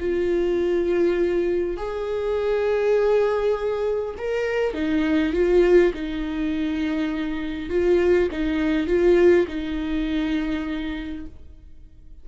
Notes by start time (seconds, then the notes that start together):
0.00 F4
1.77 G#4
4.18 A#4
4.74 D#4
5.34 F4
5.94 D#4
7.70 F4
8.32 D#4
8.87 F4
9.48 D#4